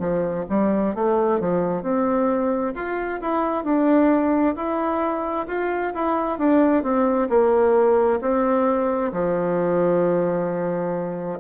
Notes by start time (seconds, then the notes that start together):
0.00 F3
0.50 G3
0.95 A3
1.40 F3
1.83 C4
2.75 F4
3.21 E4
3.64 D4
4.56 E4
5.48 F4
5.95 E4
6.39 D4
6.83 C4
7.30 A#3
8.21 C4
9.12 F3